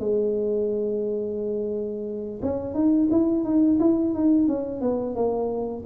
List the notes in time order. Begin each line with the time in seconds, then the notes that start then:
0.00 G#3
2.43 C#4
2.74 D#4
3.11 E4
3.45 D#4
3.80 E4
4.15 D#4
4.48 C#4
4.82 B3
5.16 A#3